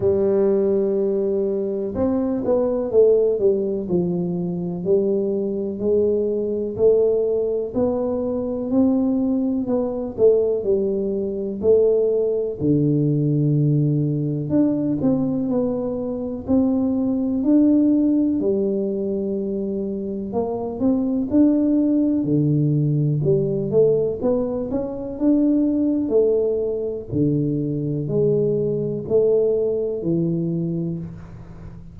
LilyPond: \new Staff \with { instrumentName = "tuba" } { \time 4/4 \tempo 4 = 62 g2 c'8 b8 a8 g8 | f4 g4 gis4 a4 | b4 c'4 b8 a8 g4 | a4 d2 d'8 c'8 |
b4 c'4 d'4 g4~ | g4 ais8 c'8 d'4 d4 | g8 a8 b8 cis'8 d'4 a4 | d4 gis4 a4 e4 | }